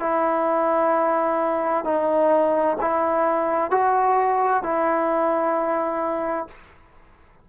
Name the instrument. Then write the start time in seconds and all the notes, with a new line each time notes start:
trombone
0.00 E4
1.85 D#4
2.81 E4
3.71 F#4
4.63 E4